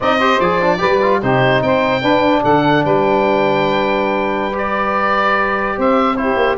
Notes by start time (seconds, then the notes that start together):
0.00 C4 D#4 D5 D#5
0.17 G4 C5
0.39 F3 G#4 D5
0.61 D4
0.78 G3 G4 B4
1.01 F4
1.21 C3 D#4 G4 C5
1.62 C4 C5 G5
2.01 D4 B4
2.43 D3 A4 F#5
2.84 G3 B4 G5
4.52 G4 D5
5.76 C4 C5 E5
6.16 E4 G4 C5
6.36 A#3